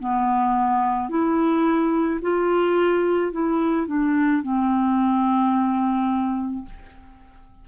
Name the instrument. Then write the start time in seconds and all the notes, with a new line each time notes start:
clarinet
0.00 B3
1.09 E4
2.22 F4
3.32 E4
3.87 D4
4.43 C4